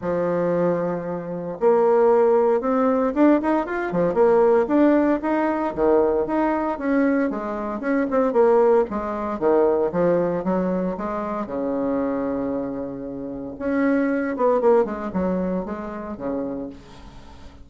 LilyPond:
\new Staff \with { instrumentName = "bassoon" } { \time 4/4 \tempo 4 = 115 f2. ais4~ | ais4 c'4 d'8 dis'8 f'8 f8 | ais4 d'4 dis'4 dis4 | dis'4 cis'4 gis4 cis'8 c'8 |
ais4 gis4 dis4 f4 | fis4 gis4 cis2~ | cis2 cis'4. b8 | ais8 gis8 fis4 gis4 cis4 | }